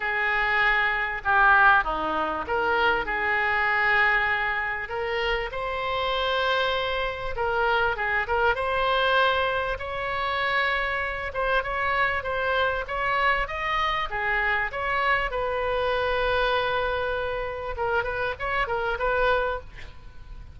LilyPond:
\new Staff \with { instrumentName = "oboe" } { \time 4/4 \tempo 4 = 98 gis'2 g'4 dis'4 | ais'4 gis'2. | ais'4 c''2. | ais'4 gis'8 ais'8 c''2 |
cis''2~ cis''8 c''8 cis''4 | c''4 cis''4 dis''4 gis'4 | cis''4 b'2.~ | b'4 ais'8 b'8 cis''8 ais'8 b'4 | }